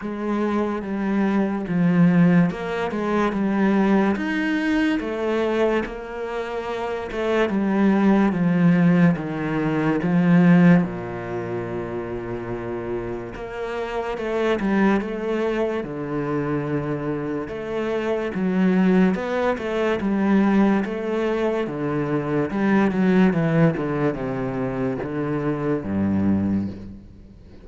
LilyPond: \new Staff \with { instrumentName = "cello" } { \time 4/4 \tempo 4 = 72 gis4 g4 f4 ais8 gis8 | g4 dis'4 a4 ais4~ | ais8 a8 g4 f4 dis4 | f4 ais,2. |
ais4 a8 g8 a4 d4~ | d4 a4 fis4 b8 a8 | g4 a4 d4 g8 fis8 | e8 d8 c4 d4 g,4 | }